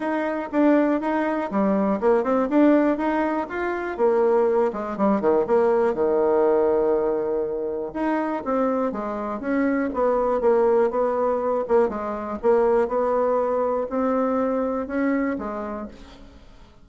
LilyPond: \new Staff \with { instrumentName = "bassoon" } { \time 4/4 \tempo 4 = 121 dis'4 d'4 dis'4 g4 | ais8 c'8 d'4 dis'4 f'4 | ais4. gis8 g8 dis8 ais4 | dis1 |
dis'4 c'4 gis4 cis'4 | b4 ais4 b4. ais8 | gis4 ais4 b2 | c'2 cis'4 gis4 | }